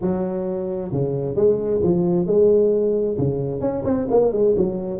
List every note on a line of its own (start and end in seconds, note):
0.01 0.92 F#3
0.92 1.35 C#3
1.35 1.81 G#3
1.83 2.26 F3
2.26 3.17 G#3
3.17 3.61 C#3
3.61 3.83 C#4
3.84 4.07 C4
4.10 4.32 A#3
4.32 4.55 G#3
4.56 4.99 F#3